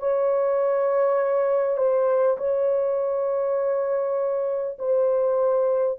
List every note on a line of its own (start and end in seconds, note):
0.00 1.78 C#5
1.78 2.38 C5
2.38 4.78 C#5
4.79 5.99 C5